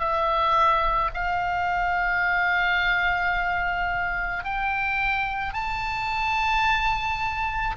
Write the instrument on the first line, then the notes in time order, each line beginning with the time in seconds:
oboe
0.00 E5
1.14 F5
4.44 G5
5.54 A5